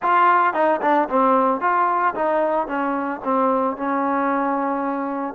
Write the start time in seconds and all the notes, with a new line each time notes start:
0.02 F4
0.53 D#4
0.81 D4
1.09 C4
1.60 F4
2.15 D#4
2.67 C#4
3.24 C4
3.76 C#4